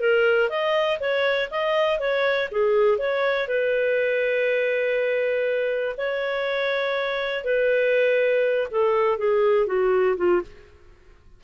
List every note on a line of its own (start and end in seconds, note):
0.00 0.50 A#4
0.50 0.99 D#5
1.00 1.50 C#5
1.51 2.00 D#5
2.00 2.49 C#5
2.52 2.98 G#4
2.98 3.48 C#5
3.48 5.96 B4
5.98 7.44 C#5
7.44 8.68 B4
8.71 9.18 A4
9.18 9.67 G#4
9.67 10.17 F#4
10.17 10.42 F4